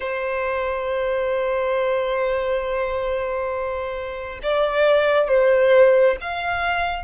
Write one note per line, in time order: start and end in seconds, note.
0.00 4.39 C5
4.42 5.28 D5
5.28 6.16 C5
6.20 7.04 F5